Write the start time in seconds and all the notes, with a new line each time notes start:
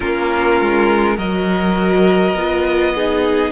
0.00 A#3 C#4 F4 A#4
0.61 G#3
1.16 F#3 F#4 A#4 D#5
2.34 B3 F4
2.94 D#4 G#4